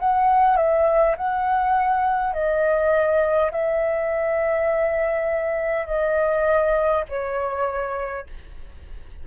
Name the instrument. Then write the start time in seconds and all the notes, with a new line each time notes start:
flute
0.00 F#5
0.57 E5
1.17 F#5
2.34 D#5
3.52 E5
5.87 D#5
7.10 C#5